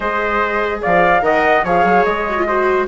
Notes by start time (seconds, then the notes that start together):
0.00 G#3 G#4 C5 D#5
0.82 F3 D5 F5
1.21 D#3 A#4 D#5 F#5
1.64 F3 G#4 C#5 F5
1.84 F#3
2.04 G#3 D#5
2.29 F#4
2.37 F4
2.47 F#4 C5